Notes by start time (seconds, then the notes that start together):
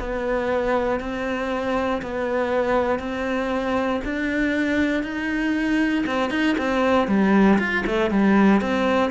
0.00 B3
1.00 C4
2.02 B3
2.99 C4
4.04 D4
5.03 D#4
6.06 C4
6.31 D#4
6.58 C4
7.08 G3
7.59 F4
7.86 A3
8.10 G3
8.61 C4